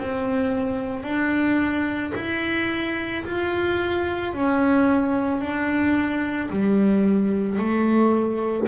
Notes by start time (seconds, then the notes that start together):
0.00 C4
1.04 D4
2.16 E4
3.25 F4
4.34 C#4
5.41 D4
6.51 G3
7.59 A3